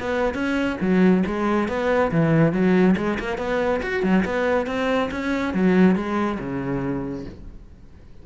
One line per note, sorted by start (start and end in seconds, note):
0.00 0.34 B3
0.34 0.77 C#4
0.81 1.24 F#3
1.26 1.69 G#3
1.69 2.11 B3
2.12 2.53 E3
2.53 2.96 F#3
2.97 3.19 G#3
3.19 3.38 A#3
3.38 3.81 B3
3.83 4.03 F#4
4.03 4.25 F#3
4.25 4.67 B3
4.67 5.10 C4
5.11 5.54 C#4
5.54 5.96 F#3
5.96 6.39 G#3
6.40 7.25 C#3